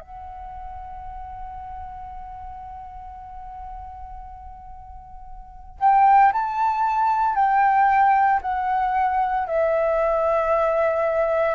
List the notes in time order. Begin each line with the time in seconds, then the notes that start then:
0.00 F#5
5.79 G5
6.33 A5
7.35 G5
8.42 F#5
9.47 E5